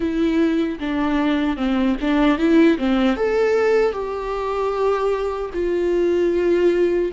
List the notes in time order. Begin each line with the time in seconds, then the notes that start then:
0.00 E4
0.79 D4
1.56 C4
2.01 D4
2.38 E4
2.77 C4
3.16 A4
3.92 G4
5.53 F4